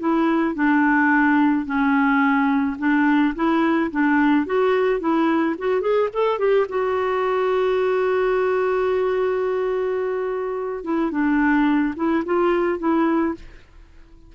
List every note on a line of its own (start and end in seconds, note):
0.00 0.55 E4
0.55 1.66 D4
1.66 2.77 C#4
2.79 3.35 D4
3.36 3.91 E4
3.91 4.46 D4
4.46 5.00 F#4
5.00 5.56 E4
5.59 5.82 F#4
5.82 6.09 G#4
6.14 6.39 A4
6.39 6.67 G4
6.69 10.84 F#4
10.84 11.11 E4
11.11 11.95 D4
11.96 12.24 E4
12.26 12.79 F4
12.79 13.35 E4